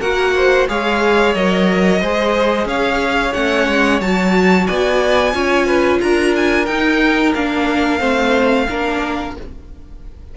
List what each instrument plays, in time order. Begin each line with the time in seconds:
0.00 cello A#3, viola F#4, violin A#4 F#5
0.36 violin C5
0.69 cello G#3, viola G#4, violin C#5 F5
1.34 cello F#3, viola A#4, violin D#5
2.01 cello G#3, viola G#4, violin C5
2.66 cello C#4, violin C#5 F5
3.33 cello A3, viola C#4, violin F#5
3.68 cello G#3
4.01 cello F#3, viola F#4, violin A5
4.67 cello B3, violin D5 G#5
5.33 cello C#4, viola F4, violin C#5
5.66 violin B4
6.01 cello D4, violin A#4 A#5
6.36 violin G#5
6.66 cello D#4, viola D#4, violin G5
7.35 cello A#3, viola D4, violin F5
7.99 cello A3, viola C4, violin C5
8.69 cello A#3, viola D4, violin A#4